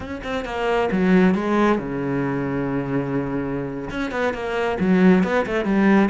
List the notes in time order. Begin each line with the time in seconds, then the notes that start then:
0.00 C#4
0.23 C4
0.44 A#3
0.91 F#3
1.34 G#3
1.78 C#3
3.90 C#4
4.11 B3
4.33 A#3
4.79 F#3
5.23 B3
5.46 A3
5.64 G3